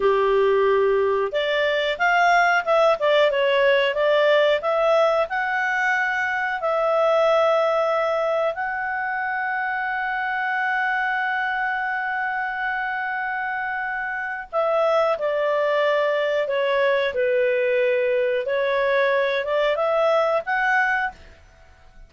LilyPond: \new Staff \with { instrumentName = "clarinet" } { \time 4/4 \tempo 4 = 91 g'2 d''4 f''4 | e''8 d''8 cis''4 d''4 e''4 | fis''2 e''2~ | e''4 fis''2.~ |
fis''1~ | fis''2 e''4 d''4~ | d''4 cis''4 b'2 | cis''4. d''8 e''4 fis''4 | }